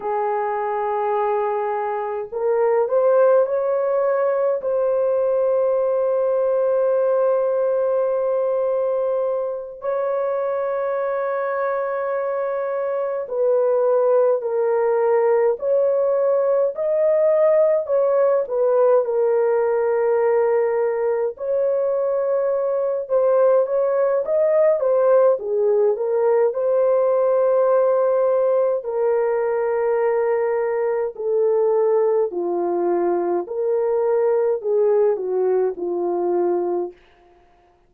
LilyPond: \new Staff \with { instrumentName = "horn" } { \time 4/4 \tempo 4 = 52 gis'2 ais'8 c''8 cis''4 | c''1~ | c''8 cis''2. b'8~ | b'8 ais'4 cis''4 dis''4 cis''8 |
b'8 ais'2 cis''4. | c''8 cis''8 dis''8 c''8 gis'8 ais'8 c''4~ | c''4 ais'2 a'4 | f'4 ais'4 gis'8 fis'8 f'4 | }